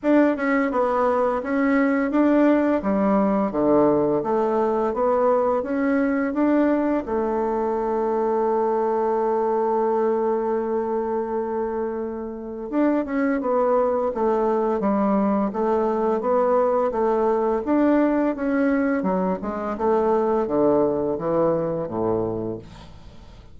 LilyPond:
\new Staff \with { instrumentName = "bassoon" } { \time 4/4 \tempo 4 = 85 d'8 cis'8 b4 cis'4 d'4 | g4 d4 a4 b4 | cis'4 d'4 a2~ | a1~ |
a2 d'8 cis'8 b4 | a4 g4 a4 b4 | a4 d'4 cis'4 fis8 gis8 | a4 d4 e4 a,4 | }